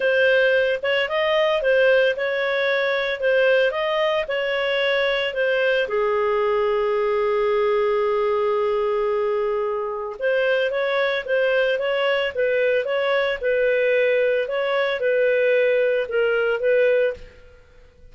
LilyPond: \new Staff \with { instrumentName = "clarinet" } { \time 4/4 \tempo 4 = 112 c''4. cis''8 dis''4 c''4 | cis''2 c''4 dis''4 | cis''2 c''4 gis'4~ | gis'1~ |
gis'2. c''4 | cis''4 c''4 cis''4 b'4 | cis''4 b'2 cis''4 | b'2 ais'4 b'4 | }